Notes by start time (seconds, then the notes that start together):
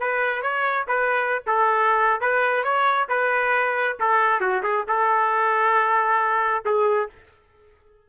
0.00 B4
0.42 C#5
0.88 B4
1.47 A4
2.21 B4
2.64 C#5
3.09 B4
4.00 A4
4.41 F#4
4.63 G#4
4.88 A4
6.66 G#4